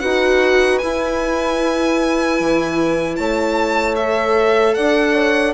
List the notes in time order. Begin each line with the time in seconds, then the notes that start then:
0.00 D#4 F#4 B4 F#5
0.79 E4 G#5
2.40 E3
3.16 A3 C#5 A5
3.96 A4 E5
4.75 D4 D5 F#5
5.14 C#5